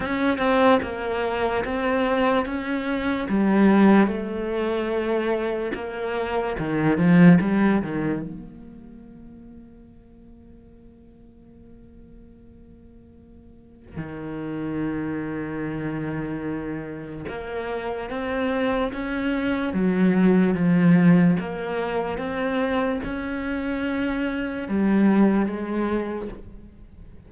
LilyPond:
\new Staff \with { instrumentName = "cello" } { \time 4/4 \tempo 4 = 73 cis'8 c'8 ais4 c'4 cis'4 | g4 a2 ais4 | dis8 f8 g8 dis8 ais2~ | ais1~ |
ais4 dis2.~ | dis4 ais4 c'4 cis'4 | fis4 f4 ais4 c'4 | cis'2 g4 gis4 | }